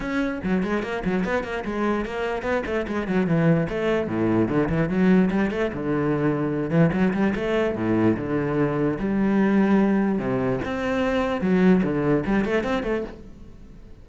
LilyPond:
\new Staff \with { instrumentName = "cello" } { \time 4/4 \tempo 4 = 147 cis'4 fis8 gis8 ais8 fis8 b8 ais8 | gis4 ais4 b8 a8 gis8 fis8 | e4 a4 a,4 d8 e8 | fis4 g8 a8 d2~ |
d8 e8 fis8 g8 a4 a,4 | d2 g2~ | g4 c4 c'2 | fis4 d4 g8 a8 c'8 a8 | }